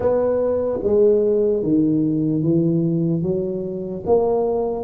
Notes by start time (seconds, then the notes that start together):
0.00 B3
0.83 G#3
1.63 D#3
2.42 E3
3.22 F#3
4.06 A#3